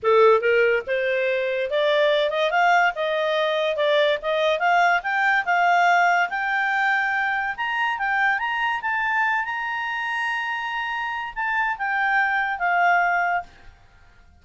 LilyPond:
\new Staff \with { instrumentName = "clarinet" } { \time 4/4 \tempo 4 = 143 a'4 ais'4 c''2 | d''4. dis''8 f''4 dis''4~ | dis''4 d''4 dis''4 f''4 | g''4 f''2 g''4~ |
g''2 ais''4 g''4 | ais''4 a''4. ais''4.~ | ais''2. a''4 | g''2 f''2 | }